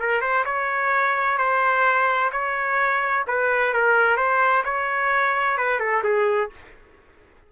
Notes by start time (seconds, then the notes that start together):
0.00 A#4
0.22 C5
0.46 C#5
1.38 C5
2.32 C#5
3.27 B4
3.74 A#4
4.17 C5
4.65 C#5
5.58 B4
5.80 A4
6.04 G#4